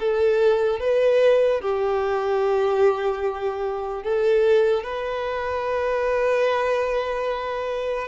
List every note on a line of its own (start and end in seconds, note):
0.00 0.80 A4
0.80 1.61 B4
1.61 4.04 G4
4.04 4.84 A4
4.84 8.08 B4